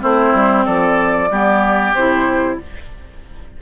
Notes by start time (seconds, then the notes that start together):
0.00 A3 C4 E4 C5
0.34 G3
0.65 F3 A4 D5
1.30 G3 B3 G4
1.94 C3 E4 C5